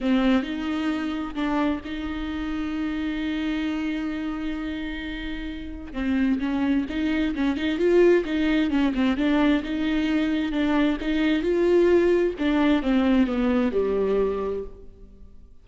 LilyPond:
\new Staff \with { instrumentName = "viola" } { \time 4/4 \tempo 4 = 131 c'4 dis'2 d'4 | dis'1~ | dis'1~ | dis'4 c'4 cis'4 dis'4 |
cis'8 dis'8 f'4 dis'4 cis'8 c'8 | d'4 dis'2 d'4 | dis'4 f'2 d'4 | c'4 b4 g2 | }